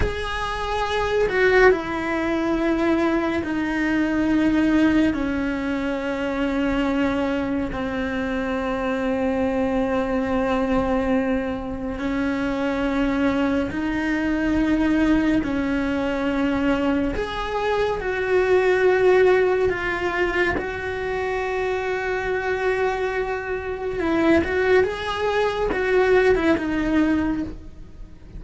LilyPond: \new Staff \with { instrumentName = "cello" } { \time 4/4 \tempo 4 = 70 gis'4. fis'8 e'2 | dis'2 cis'2~ | cis'4 c'2.~ | c'2 cis'2 |
dis'2 cis'2 | gis'4 fis'2 f'4 | fis'1 | e'8 fis'8 gis'4 fis'8. e'16 dis'4 | }